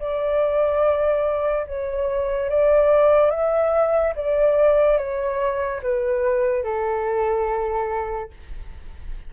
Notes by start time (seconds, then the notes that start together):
0.00 D5
1.67 C#5
2.50 D5
3.31 E5
4.16 D5
4.98 C#5
5.83 B4
6.64 A4